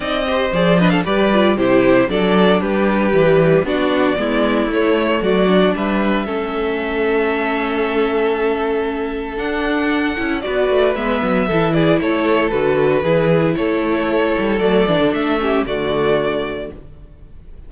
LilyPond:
<<
  \new Staff \with { instrumentName = "violin" } { \time 4/4 \tempo 4 = 115 dis''4 d''8 dis''16 f''16 d''4 c''4 | d''4 b'2 d''4~ | d''4 cis''4 d''4 e''4~ | e''1~ |
e''2 fis''2 | d''4 e''4. d''8 cis''4 | b'2 cis''2 | d''4 e''4 d''2 | }
  \new Staff \with { instrumentName = "violin" } { \time 4/4 d''8 c''4 b'16 a'16 b'4 g'4 | a'4 g'2 fis'4 | e'2 fis'4 b'4 | a'1~ |
a'1 | b'2 a'8 gis'8 a'4~ | a'4 gis'4 a'2~ | a'4. g'8 fis'2 | }
  \new Staff \with { instrumentName = "viola" } { \time 4/4 dis'8 g'8 gis'8 d'8 g'8 f'8 e'4 | d'2 g4 d'4 | b4 a4. d'4. | cis'1~ |
cis'2 d'4. e'8 | fis'4 b4 e'2 | fis'4 e'2. | a8 d'4 cis'8 a2 | }
  \new Staff \with { instrumentName = "cello" } { \time 4/4 c'4 f4 g4 c4 | fis4 g4 e4 b4 | gis4 a4 fis4 g4 | a1~ |
a2 d'4. cis'8 | b8 a8 gis8 fis8 e4 a4 | d4 e4 a4. g8 | fis8 e16 d16 a4 d2 | }
>>